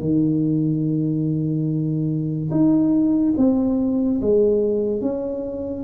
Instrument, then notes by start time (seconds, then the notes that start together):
tuba
0.00 D#3
2.51 D#4
3.37 C4
4.21 G#3
5.01 C#4